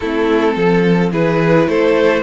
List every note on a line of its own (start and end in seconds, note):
0.00 0.56 A3
0.00 1.12 C4
0.00 0.54 E4
0.00 1.11 A4
0.54 1.12 F3
0.54 1.10 A4
1.11 1.67 E3
1.11 2.22 E4
1.11 1.67 G#4
1.11 1.69 B4
1.67 2.22 A3
1.67 2.22 A4
1.67 2.22 C5